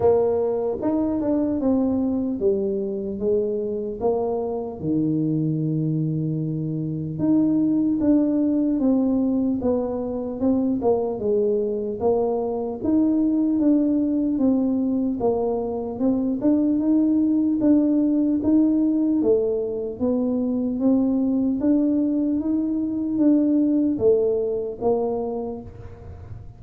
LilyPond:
\new Staff \with { instrumentName = "tuba" } { \time 4/4 \tempo 4 = 75 ais4 dis'8 d'8 c'4 g4 | gis4 ais4 dis2~ | dis4 dis'4 d'4 c'4 | b4 c'8 ais8 gis4 ais4 |
dis'4 d'4 c'4 ais4 | c'8 d'8 dis'4 d'4 dis'4 | a4 b4 c'4 d'4 | dis'4 d'4 a4 ais4 | }